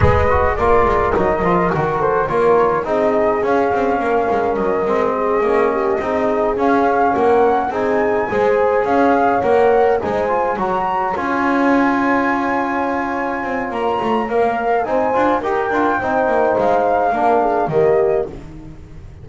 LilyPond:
<<
  \new Staff \with { instrumentName = "flute" } { \time 4/4 \tempo 4 = 105 dis''4 d''4 dis''4 ais'8 c''8 | cis''4 dis''4 f''2 | dis''2.~ dis''8 f''8~ | f''8 fis''4 gis''2 f''8~ |
f''8 fis''4 gis''4 ais''4 gis''8~ | gis''1 | ais''4 f''4 gis''4 g''4~ | g''4 f''2 dis''4 | }
  \new Staff \with { instrumentName = "horn" } { \time 4/4 b'4 ais'2~ ais'8 a'8 | ais'4 gis'2 ais'4~ | ais'4 gis'4 g'8 gis'4.~ | gis'8 ais'4 gis'4 c''4 cis''8~ |
cis''4. c''4 cis''4.~ | cis''1~ | cis''2 c''4 ais'4 | c''2 ais'8 gis'8 g'4 | }
  \new Staff \with { instrumentName = "trombone" } { \time 4/4 gis'8 fis'8 f'4 dis'8 f'8 fis'4 | f'4 dis'4 cis'2~ | cis'8 c'4 cis'4 dis'4 cis'8~ | cis'4. dis'4 gis'4.~ |
gis'8 ais'4 dis'8 f'8 fis'4 f'8~ | f'1~ | f'4 ais'4 dis'8 f'8 g'8 f'8 | dis'2 d'4 ais4 | }
  \new Staff \with { instrumentName = "double bass" } { \time 4/4 gis4 ais8 gis8 fis8 f8 dis4 | ais4 c'4 cis'8 c'8 ais8 gis8 | fis8 gis4 ais4 c'4 cis'8~ | cis'8 ais4 c'4 gis4 cis'8~ |
cis'8 ais4 gis4 fis4 cis'8~ | cis'2.~ cis'8 c'8 | ais8 a8 ais4 c'8 d'8 dis'8 d'8 | c'8 ais8 gis4 ais4 dis4 | }
>>